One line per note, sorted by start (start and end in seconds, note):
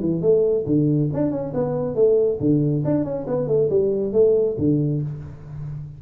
0.00 0.21 E3
0.21 0.65 A3
0.66 1.10 D3
1.13 1.31 D4
1.31 1.53 C#4
1.54 1.95 B3
1.95 2.39 A3
2.40 2.83 D3
2.85 3.04 D4
3.04 3.26 C#4
3.27 3.47 B3
3.47 3.69 A3
3.70 4.13 G3
4.13 4.56 A3
4.58 5.02 D3